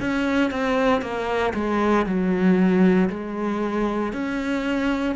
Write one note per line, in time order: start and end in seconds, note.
0.00 0.51 C#4
0.51 1.02 C4
1.02 1.53 A#3
1.54 2.05 G#3
2.05 3.09 F#3
3.09 4.13 G#3
4.13 5.15 C#4